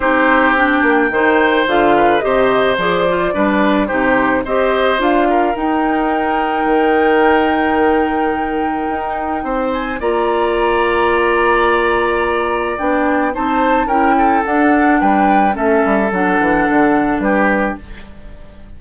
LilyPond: <<
  \new Staff \with { instrumentName = "flute" } { \time 4/4 \tempo 4 = 108 c''4 g''2 f''4 | dis''4 d''2 c''4 | dis''4 f''4 g''2~ | g''1~ |
g''4. gis''8 ais''2~ | ais''2. g''4 | a''4 g''4 fis''4 g''4 | e''4 fis''2 b'4 | }
  \new Staff \with { instrumentName = "oboe" } { \time 4/4 g'2 c''4. b'8 | c''2 b'4 g'4 | c''4. ais'2~ ais'8~ | ais'1~ |
ais'4 c''4 d''2~ | d''1 | c''4 ais'8 a'4. b'4 | a'2. g'4 | }
  \new Staff \with { instrumentName = "clarinet" } { \time 4/4 dis'4 d'4 dis'4 f'4 | g'4 gis'8 f'8 d'4 dis'4 | g'4 f'4 dis'2~ | dis'1~ |
dis'2 f'2~ | f'2. d'4 | dis'4 e'4 d'2 | cis'4 d'2. | }
  \new Staff \with { instrumentName = "bassoon" } { \time 4/4 c'4. ais8 dis4 d4 | c4 f4 g4 c4 | c'4 d'4 dis'2 | dis1 |
dis'4 c'4 ais2~ | ais2. b4 | c'4 cis'4 d'4 g4 | a8 g8 fis8 e8 d4 g4 | }
>>